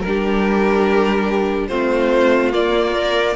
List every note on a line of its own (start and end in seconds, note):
0.00 1.70 G3
0.00 1.67 A#4
0.06 1.70 D4
0.06 1.68 G4
1.68 2.53 A3
1.68 2.51 C4
1.68 3.35 F4
1.68 2.51 C5
2.51 2.93 A#3
2.51 3.36 A#3
2.51 3.36 D5
2.94 3.36 A#4